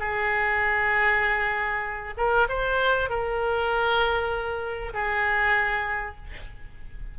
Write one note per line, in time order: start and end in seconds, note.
0.00 2.14 G#4
2.17 2.48 A#4
2.49 3.10 C5
3.10 4.94 A#4
4.94 6.16 G#4